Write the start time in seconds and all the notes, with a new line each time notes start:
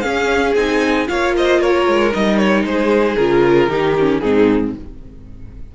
0.00 C#4 G#4 F5
0.55 C4 D#4 G#5
1.07 A#3 F4 C#5 F5
1.36 C5 D#5
1.61 A#4 C#5
1.87 G#3
2.12 G3 D#4 D#5
2.37 C#5
2.63 G#3 G#4 C5
3.16 C#3 F4 A#4
3.67 D#3 D#4 G4
3.99 C#4
4.19 G#2 C4 D#4 G#4